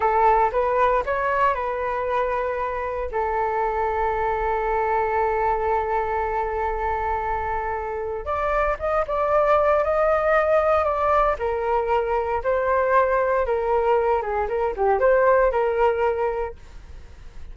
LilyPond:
\new Staff \with { instrumentName = "flute" } { \time 4/4 \tempo 4 = 116 a'4 b'4 cis''4 b'4~ | b'2 a'2~ | a'1~ | a'1 |
d''4 dis''8 d''4. dis''4~ | dis''4 d''4 ais'2 | c''2 ais'4. gis'8 | ais'8 g'8 c''4 ais'2 | }